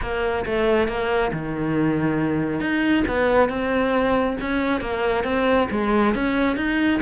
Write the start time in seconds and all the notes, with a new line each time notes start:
0.01 A#3
0.45 A3
0.87 A#3
1.32 D#3
2.60 D#4
3.07 B3
3.49 C4
4.40 C#4
4.80 A#3
5.24 C4
5.71 G#3
6.14 C#4
6.56 D#4